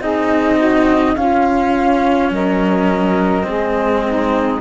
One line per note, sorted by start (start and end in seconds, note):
0.00 1.15 C4
0.00 1.16 D#4
0.00 0.56 G#4
0.00 1.15 D#5
0.56 1.13 F#4
1.15 3.43 C#4
1.15 2.30 C#4
1.15 2.31 F4
1.15 2.30 F5
2.30 3.45 F#3
2.30 3.46 A#4
2.30 4.61 D#5
3.43 4.61 G#3
3.43 4.58 C4
3.43 4.04 G#4
4.06 4.61 D#4